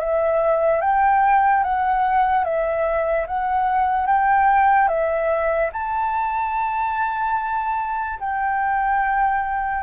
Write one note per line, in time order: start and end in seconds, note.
0.00 0.81 E5
0.81 1.63 G5
1.64 2.44 F#5
2.44 3.27 E5
3.27 4.07 F#5
4.07 4.88 G5
4.88 5.70 E5
5.73 8.19 A5
8.20 9.83 G5